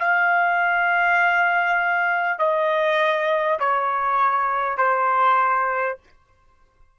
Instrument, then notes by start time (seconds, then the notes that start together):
trumpet
0.00 F5
2.39 D#5
3.60 C#5
4.78 C5